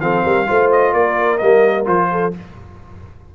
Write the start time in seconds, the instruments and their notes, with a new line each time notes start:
0.00 tuba F3, trombone C4, horn A4, trumpet F5
0.23 tuba G3, horn A#4
0.46 tuba A3, trombone F4, horn C5
0.71 trumpet D#5
0.92 tuba A#3, horn A#4, trumpet D5
1.37 tuba G3, trombone A#3, trumpet D#5
1.84 tuba F3, trombone F4, trumpet C5
2.11 horn A4